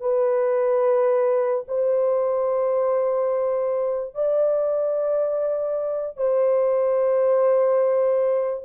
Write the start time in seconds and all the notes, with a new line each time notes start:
0.00 B4
1.67 C5
4.14 D5
6.16 C5